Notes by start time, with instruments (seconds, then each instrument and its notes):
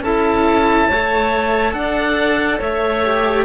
0.00 cello C#4 E4, clarinet A4, oboe A5
0.88 cello A3 A4, clarinet C#5
1.73 cello D4, clarinet D5, oboe F#5
2.58 cello A3, clarinet C#5, oboe E5
3.04 cello G4